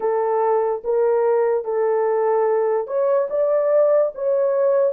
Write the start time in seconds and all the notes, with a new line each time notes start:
0.00 A4
0.84 A#4
1.64 A4
2.87 C#5
3.30 D5
4.14 C#5